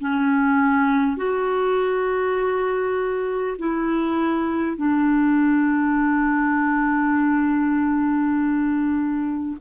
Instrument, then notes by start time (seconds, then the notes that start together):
clarinet
0.00 C#4
1.17 F#4
3.58 E4
4.77 D4